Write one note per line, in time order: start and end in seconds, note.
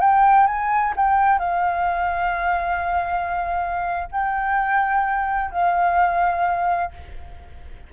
0.00 0.47 G5
0.47 0.94 G#5
0.96 1.39 G5
1.39 4.08 F5
4.11 5.51 G5
5.51 6.92 F5